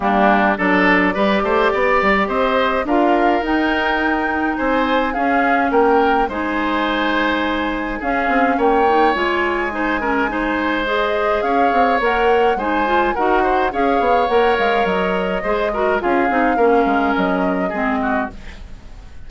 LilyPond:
<<
  \new Staff \with { instrumentName = "flute" } { \time 4/4 \tempo 4 = 105 g'4 d''2. | dis''4 f''4 g''2 | gis''4 f''4 g''4 gis''4~ | gis''2 f''4 g''4 |
gis''2. dis''4 | f''4 fis''4 gis''4 fis''4 | f''4 fis''8 f''8 dis''2 | f''2 dis''2 | }
  \new Staff \with { instrumentName = "oboe" } { \time 4/4 d'4 a'4 b'8 c''8 d''4 | c''4 ais'2. | c''4 gis'4 ais'4 c''4~ | c''2 gis'4 cis''4~ |
cis''4 c''8 ais'8 c''2 | cis''2 c''4 ais'8 c''8 | cis''2. c''8 ais'8 | gis'4 ais'2 gis'8 fis'8 | }
  \new Staff \with { instrumentName = "clarinet" } { \time 4/4 ais4 d'4 g'2~ | g'4 f'4 dis'2~ | dis'4 cis'2 dis'4~ | dis'2 cis'4. dis'8 |
f'4 dis'8 cis'8 dis'4 gis'4~ | gis'4 ais'4 dis'8 f'8 fis'4 | gis'4 ais'2 gis'8 fis'8 | f'8 dis'8 cis'2 c'4 | }
  \new Staff \with { instrumentName = "bassoon" } { \time 4/4 g4 fis4 g8 a8 b8 g8 | c'4 d'4 dis'2 | c'4 cis'4 ais4 gis4~ | gis2 cis'8 c'8 ais4 |
gis1 | cis'8 c'8 ais4 gis4 dis'4 | cis'8 b8 ais8 gis8 fis4 gis4 | cis'8 c'8 ais8 gis8 fis4 gis4 | }
>>